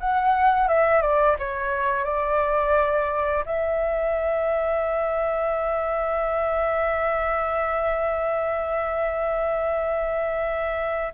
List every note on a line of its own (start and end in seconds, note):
0.00 0.68 F#5
0.68 1.01 E5
1.01 1.36 D5
1.39 2.04 C#5
2.04 3.44 D5
3.46 11.13 E5